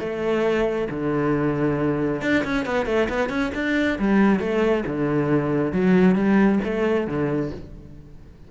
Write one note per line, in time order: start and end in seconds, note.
0.00 0.88 A3
0.90 2.22 D3
2.22 2.44 D4
2.44 2.66 C#4
2.66 2.87 B3
2.87 3.09 A3
3.09 3.30 B3
3.30 3.52 C#4
3.55 3.99 D4
3.99 4.40 G3
4.40 4.84 A3
4.87 5.73 D3
5.73 6.16 F#3
6.16 6.60 G3
6.64 7.08 A3
7.08 7.52 D3